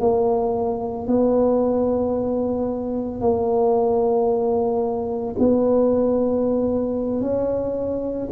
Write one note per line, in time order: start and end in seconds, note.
0.00 1.07 A#3
1.07 3.21 B3
3.21 5.35 A#3
5.39 7.21 B3
7.21 8.28 C#4